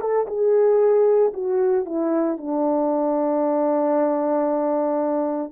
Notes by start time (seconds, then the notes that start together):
0.00 A4
0.27 G#4
1.33 F#4
1.85 E4
2.37 D4